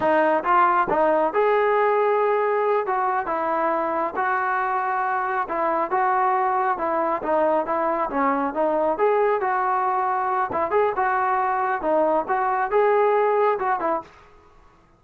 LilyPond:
\new Staff \with { instrumentName = "trombone" } { \time 4/4 \tempo 4 = 137 dis'4 f'4 dis'4 gis'4~ | gis'2~ gis'8 fis'4 e'8~ | e'4. fis'2~ fis'8~ | fis'8 e'4 fis'2 e'8~ |
e'8 dis'4 e'4 cis'4 dis'8~ | dis'8 gis'4 fis'2~ fis'8 | e'8 gis'8 fis'2 dis'4 | fis'4 gis'2 fis'8 e'8 | }